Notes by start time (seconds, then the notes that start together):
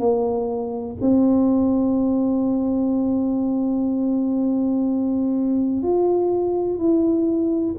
0.00 A#3
1.01 C4
5.83 F4
6.79 E4